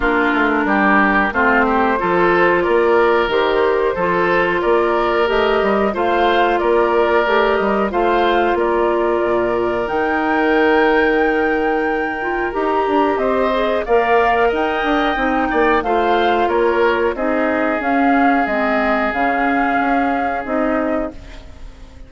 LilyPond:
<<
  \new Staff \with { instrumentName = "flute" } { \time 4/4 \tempo 4 = 91 ais'2 c''2 | d''4 c''2 d''4 | dis''4 f''4 d''4. dis''8 | f''4 d''2 g''4~ |
g''2. ais''4 | dis''4 f''4 g''2 | f''4 cis''4 dis''4 f''4 | dis''4 f''2 dis''4 | }
  \new Staff \with { instrumentName = "oboe" } { \time 4/4 f'4 g'4 f'8 g'8 a'4 | ais'2 a'4 ais'4~ | ais'4 c''4 ais'2 | c''4 ais'2.~ |
ais'1 | c''4 d''4 dis''4. d''8 | c''4 ais'4 gis'2~ | gis'1 | }
  \new Staff \with { instrumentName = "clarinet" } { \time 4/4 d'2 c'4 f'4~ | f'4 g'4 f'2 | g'4 f'2 g'4 | f'2. dis'4~ |
dis'2~ dis'8 f'8 g'4~ | g'8 gis'8 ais'2 dis'4 | f'2 dis'4 cis'4 | c'4 cis'2 dis'4 | }
  \new Staff \with { instrumentName = "bassoon" } { \time 4/4 ais8 a8 g4 a4 f4 | ais4 dis4 f4 ais4 | a8 g8 a4 ais4 a8 g8 | a4 ais4 ais,4 dis4~ |
dis2. dis'8 d'8 | c'4 ais4 dis'8 d'8 c'8 ais8 | a4 ais4 c'4 cis'4 | gis4 cis4 cis'4 c'4 | }
>>